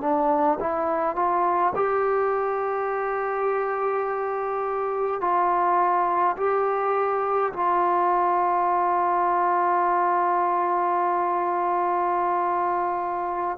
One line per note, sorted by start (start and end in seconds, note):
0.00 0.58 D4
0.60 1.15 E4
1.15 1.73 F4
1.75 5.20 G4
5.20 6.36 F4
6.37 7.52 G4
7.52 13.57 F4